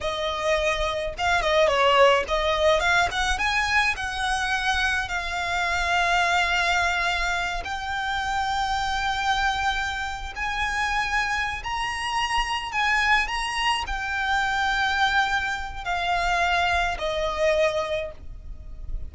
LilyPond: \new Staff \with { instrumentName = "violin" } { \time 4/4 \tempo 4 = 106 dis''2 f''8 dis''8 cis''4 | dis''4 f''8 fis''8 gis''4 fis''4~ | fis''4 f''2.~ | f''4. g''2~ g''8~ |
g''2~ g''16 gis''4.~ gis''16~ | gis''8 ais''2 gis''4 ais''8~ | ais''8 g''2.~ g''8 | f''2 dis''2 | }